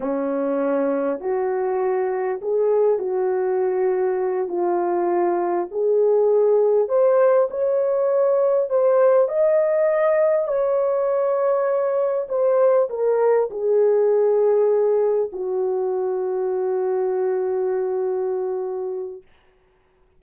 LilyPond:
\new Staff \with { instrumentName = "horn" } { \time 4/4 \tempo 4 = 100 cis'2 fis'2 | gis'4 fis'2~ fis'8 f'8~ | f'4. gis'2 c''8~ | c''8 cis''2 c''4 dis''8~ |
dis''4. cis''2~ cis''8~ | cis''8 c''4 ais'4 gis'4.~ | gis'4. fis'2~ fis'8~ | fis'1 | }